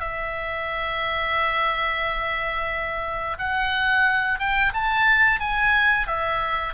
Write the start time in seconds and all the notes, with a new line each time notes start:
0.00 E5
3.38 F#5
4.39 G5
4.74 A5
5.40 G#5
6.07 E5